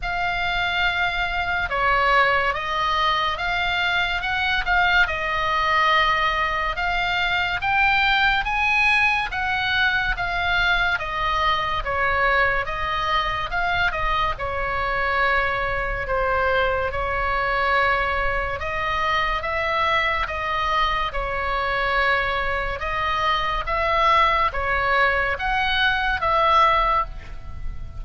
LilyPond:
\new Staff \with { instrumentName = "oboe" } { \time 4/4 \tempo 4 = 71 f''2 cis''4 dis''4 | f''4 fis''8 f''8 dis''2 | f''4 g''4 gis''4 fis''4 | f''4 dis''4 cis''4 dis''4 |
f''8 dis''8 cis''2 c''4 | cis''2 dis''4 e''4 | dis''4 cis''2 dis''4 | e''4 cis''4 fis''4 e''4 | }